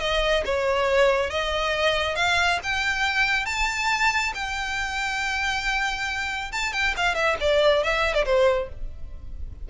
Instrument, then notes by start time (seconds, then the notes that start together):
violin
0.00 D#5
0.45 C#5
1.30 D#5
2.15 F5
2.63 G5
3.46 A5
4.34 G5
6.52 A5
6.73 G5
6.97 F5
7.15 E5
7.40 D5
7.84 E5
8.14 D5
8.25 C5